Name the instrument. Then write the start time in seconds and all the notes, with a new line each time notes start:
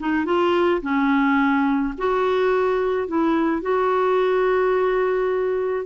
clarinet
0.00 D#4
0.26 F4
0.82 C#4
1.98 F#4
3.08 E4
3.62 F#4